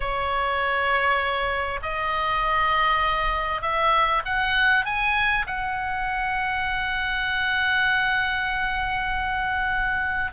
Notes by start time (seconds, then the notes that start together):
0.00 C#5
1.82 D#5
3.61 E5
4.25 F#5
4.85 G#5
5.47 F#5